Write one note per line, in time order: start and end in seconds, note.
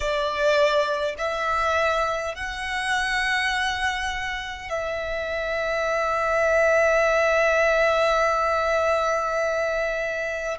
0.00 1.14 D5
1.18 2.35 E5
2.35 4.69 F#5
4.69 10.57 E5